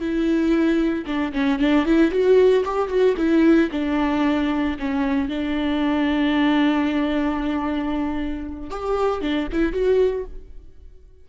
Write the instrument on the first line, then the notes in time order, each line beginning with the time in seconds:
viola
0.00 E4
1.06 D4
1.33 C#4
1.59 D4
1.85 E4
2.11 F#4
2.65 G4
2.89 F#4
3.17 E4
3.72 D4
4.79 C#4
5.29 D4
8.71 G4
9.22 D4
9.52 E4
9.73 F#4